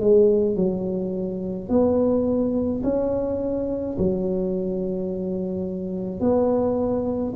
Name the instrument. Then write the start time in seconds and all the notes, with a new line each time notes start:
tuba
0.00 G#3
0.56 F#3
1.69 B3
2.83 C#4
3.98 F#3
6.20 B3